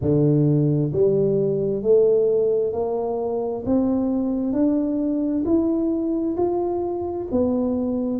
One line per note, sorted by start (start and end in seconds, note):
0.01 0.92 D3
0.92 1.82 G3
1.82 2.73 A3
2.73 3.64 A#3
3.65 4.52 C4
4.52 5.43 D4
5.45 6.36 E4
6.36 7.27 F4
7.31 8.19 B3